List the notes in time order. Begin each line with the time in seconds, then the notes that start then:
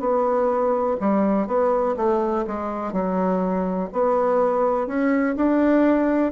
0.00 B3
1.00 G3
1.47 B3
1.97 A3
2.47 G#3
2.93 F#3
3.93 B3
4.87 C#4
5.36 D4